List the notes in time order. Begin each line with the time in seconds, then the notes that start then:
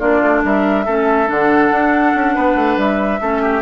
0.00 A#3 D4 F4 D5
0.22 A3
0.44 G3 A#4 E5
0.86 A3 C#4 A4
1.27 D3 D4 F#5
1.71 D4
2.15 C#4
2.35 B3 B4
2.56 A3
2.77 G3 E5
3.21 A3 C#4 A4
3.42 G4